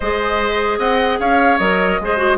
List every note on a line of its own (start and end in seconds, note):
0.00 0.78 G#3
0.00 1.60 G#4
0.00 0.79 C5
0.00 0.79 D#5
0.78 1.18 C4
0.78 1.19 D#5
0.78 1.19 F#5
1.19 1.59 C#4
1.19 2.00 C#5
1.19 1.58 F5
1.58 1.99 F#3
1.58 2.00 A#4
1.58 2.37 D#5
1.99 2.37 G#3
1.99 2.17 G#4
1.99 2.37 C5
2.17 2.37 F#4